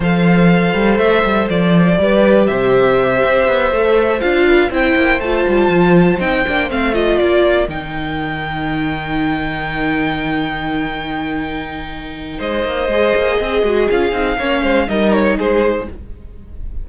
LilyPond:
<<
  \new Staff \with { instrumentName = "violin" } { \time 4/4 \tempo 4 = 121 f''2 e''4 d''4~ | d''4 e''2.~ | e''8 f''4 g''4 a''4.~ | a''8 g''4 f''8 dis''8 d''4 g''8~ |
g''1~ | g''1~ | g''4 dis''2. | f''2 dis''8 cis''8 c''4 | }
  \new Staff \with { instrumentName = "violin" } { \time 4/4 c''1 | b'4 c''2.~ | c''4 b'8 c''2~ c''8~ | c''2~ c''8 ais'4.~ |
ais'1~ | ais'1~ | ais'4 c''2 gis'4~ | gis'4 cis''8 c''8 ais'4 gis'4 | }
  \new Staff \with { instrumentName = "viola" } { \time 4/4 a'1 | g'2.~ g'8 a'8~ | a'8 f'4 e'4 f'4.~ | f'8 dis'8 d'8 c'8 f'4. dis'8~ |
dis'1~ | dis'1~ | dis'2 gis'4. fis'8 | f'8 dis'8 cis'4 dis'2 | }
  \new Staff \with { instrumentName = "cello" } { \time 4/4 f4. g8 a8 g8 f4 | g4 c4. c'8 b8 a8~ | a8 d'4 c'8 ais8 a8 g8 f8~ | f8 c'8 ais8 a4 ais4 dis8~ |
dis1~ | dis1~ | dis4 gis8 ais8 gis8 ais8 c'8 gis8 | cis'8 c'8 ais8 gis8 g4 gis4 | }
>>